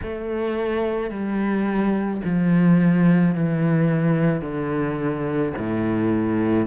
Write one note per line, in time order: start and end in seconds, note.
0.02 1.10 A3
1.10 2.21 G3
2.24 3.34 F3
3.34 4.41 E3
4.41 5.53 D3
5.57 6.66 A2